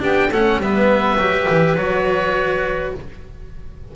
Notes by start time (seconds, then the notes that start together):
0.00 B3 D4 G4 G5
0.30 A3 C#4 A4 F#5
0.58 G3 B3 B4 E5
1.18 F#3 G4
1.50 E3
1.76 F#3 F#4 C#5